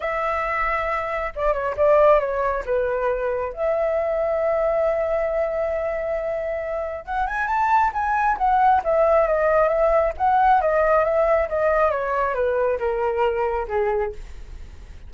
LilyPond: \new Staff \with { instrumentName = "flute" } { \time 4/4 \tempo 4 = 136 e''2. d''8 cis''8 | d''4 cis''4 b'2 | e''1~ | e''1 |
fis''8 gis''8 a''4 gis''4 fis''4 | e''4 dis''4 e''4 fis''4 | dis''4 e''4 dis''4 cis''4 | b'4 ais'2 gis'4 | }